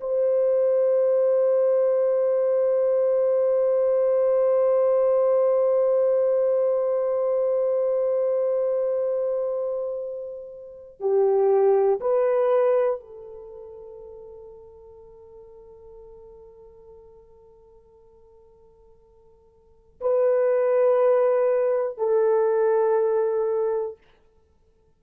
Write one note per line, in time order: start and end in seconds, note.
0.00 11.00 C5
11.00 12.00 G4
12.00 13.00 B4
13.00 20.00 A4
20.00 21.97 B4
21.97 23.97 A4